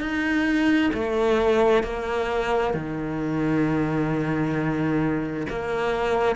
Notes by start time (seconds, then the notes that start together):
0.00 D#4
0.93 A3
1.83 A#3
2.74 D#3
5.50 A#3